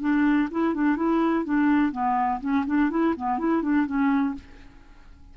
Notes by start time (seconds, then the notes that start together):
0.00 D4
0.51 E4
0.74 D4
0.96 E4
1.44 D4
1.92 B3
2.41 C#4
2.66 D4
2.90 E4
3.16 B3
3.39 E4
3.62 D4
3.86 C#4